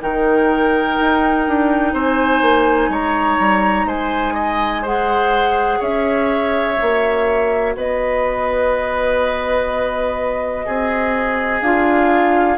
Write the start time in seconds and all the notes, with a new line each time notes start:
0.00 D#3 D#4 A#4 G5
1.00 D#4
1.48 D4
1.94 C4 C5 G#5
2.42 A#3
2.89 G#3 C#5 A#5
3.40 G3
3.86 G#3 C5 G#5
4.34 D#5
4.82 G#4 C5 F#5
5.80 C#4 C#5 E5
6.75 F#4
6.82 A#3
7.76 B3 B4 D#5
10.66 C4 G#4
11.62 D4 F4 F5